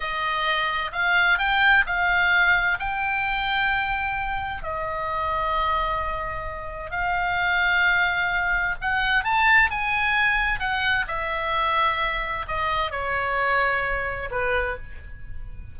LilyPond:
\new Staff \with { instrumentName = "oboe" } { \time 4/4 \tempo 4 = 130 dis''2 f''4 g''4 | f''2 g''2~ | g''2 dis''2~ | dis''2. f''4~ |
f''2. fis''4 | a''4 gis''2 fis''4 | e''2. dis''4 | cis''2. b'4 | }